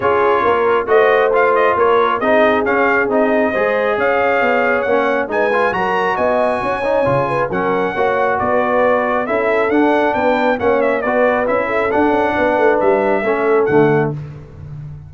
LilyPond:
<<
  \new Staff \with { instrumentName = "trumpet" } { \time 4/4 \tempo 4 = 136 cis''2 dis''4 f''8 dis''8 | cis''4 dis''4 f''4 dis''4~ | dis''4 f''2 fis''4 | gis''4 ais''4 gis''2~ |
gis''4 fis''2 d''4~ | d''4 e''4 fis''4 g''4 | fis''8 e''8 d''4 e''4 fis''4~ | fis''4 e''2 fis''4 | }
  \new Staff \with { instrumentName = "horn" } { \time 4/4 gis'4 ais'4 c''2 | ais'4 gis'2. | c''4 cis''2. | b'4 ais'4 dis''4 cis''4~ |
cis''8 b'8 ais'4 cis''4 b'4~ | b'4 a'2 b'4 | cis''4 b'4. a'4. | b'2 a'2 | }
  \new Staff \with { instrumentName = "trombone" } { \time 4/4 f'2 fis'4 f'4~ | f'4 dis'4 cis'4 dis'4 | gis'2. cis'4 | dis'8 f'8 fis'2~ fis'8 dis'8 |
f'4 cis'4 fis'2~ | fis'4 e'4 d'2 | cis'4 fis'4 e'4 d'4~ | d'2 cis'4 a4 | }
  \new Staff \with { instrumentName = "tuba" } { \time 4/4 cis'4 ais4 a2 | ais4 c'4 cis'4 c'4 | gis4 cis'4 b4 ais4 | gis4 fis4 b4 cis'4 |
cis4 fis4 ais4 b4~ | b4 cis'4 d'4 b4 | ais4 b4 cis'4 d'8 cis'8 | b8 a8 g4 a4 d4 | }
>>